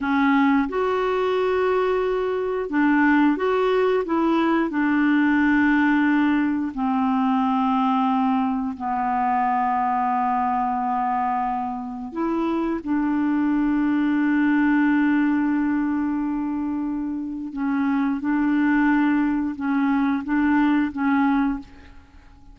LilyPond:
\new Staff \with { instrumentName = "clarinet" } { \time 4/4 \tempo 4 = 89 cis'4 fis'2. | d'4 fis'4 e'4 d'4~ | d'2 c'2~ | c'4 b2.~ |
b2 e'4 d'4~ | d'1~ | d'2 cis'4 d'4~ | d'4 cis'4 d'4 cis'4 | }